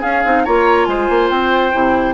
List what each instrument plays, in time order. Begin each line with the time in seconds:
0.00 clarinet C#4, bassoon C#4, oboe G#4, flute F5
0.24 bassoon C4, clarinet D#4
0.44 bassoon A#3, clarinet F4, oboe C#5, flute A#5
0.85 bassoon G#3, oboe C5, flute G#5
1.09 bassoon A#3
1.29 bassoon C4, flute G5
1.72 bassoon C3, clarinet E4